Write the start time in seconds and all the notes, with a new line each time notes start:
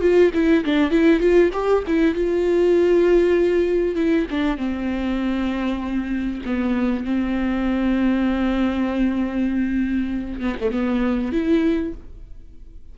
0.00 F4
0.33 E4
0.64 D4
0.90 E4
1.19 F4
1.53 G4
1.86 E4
2.14 F4
3.95 E4
4.30 D4
4.57 C4
6.45 B3
7.04 C4
10.40 B3
10.60 A3
10.71 B3
11.32 E4